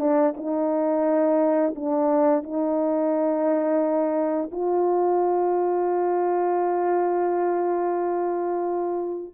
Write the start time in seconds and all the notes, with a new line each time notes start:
0.00 D4
0.37 D#4
1.76 D4
2.43 D#4
4.52 F4